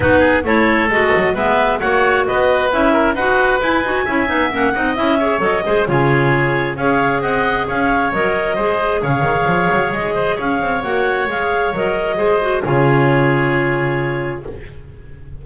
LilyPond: <<
  \new Staff \with { instrumentName = "clarinet" } { \time 4/4 \tempo 4 = 133 b'4 cis''4 dis''4 e''4 | fis''4 dis''4 e''4 fis''4 | gis''2 fis''4 e''4 | dis''4 cis''2 f''4 |
fis''4 f''4 dis''2 | f''2 dis''4 f''4 | fis''4 f''4 dis''2 | cis''1 | }
  \new Staff \with { instrumentName = "oboe" } { \time 4/4 fis'8 gis'8 a'2 b'4 | cis''4 b'4. ais'8 b'4~ | b'4 e''4. dis''4 cis''8~ | cis''8 c''8 gis'2 cis''4 |
dis''4 cis''2 c''4 | cis''2~ cis''8 c''8 cis''4~ | cis''2. c''4 | gis'1 | }
  \new Staff \with { instrumentName = "clarinet" } { \time 4/4 dis'4 e'4 fis'4 b4 | fis'2 e'4 fis'4 | e'8 fis'8 e'8 dis'8 cis'8 dis'8 e'8 gis'8 | a'8 gis'8 f'2 gis'4~ |
gis'2 ais'4 gis'4~ | gis'1 | fis'4 gis'4 ais'4 gis'8 fis'8 | f'1 | }
  \new Staff \with { instrumentName = "double bass" } { \time 4/4 b4 a4 gis8 fis8 gis4 | ais4 b4 cis'4 dis'4 | e'8 dis'8 cis'8 b8 ais8 c'8 cis'4 | fis8 gis8 cis2 cis'4 |
c'4 cis'4 fis4 gis4 | cis8 dis8 f8 fis8 gis4 cis'8 c'8 | ais4 gis4 fis4 gis4 | cis1 | }
>>